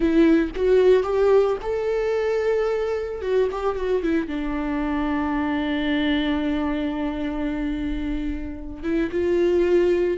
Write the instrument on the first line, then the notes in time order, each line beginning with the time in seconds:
viola
0.00 E4
0.55 F#4
1.03 G4
1.62 A4
3.21 F#4
3.51 G4
3.76 F#4
4.03 E4
4.27 D4
8.83 E4
9.11 F4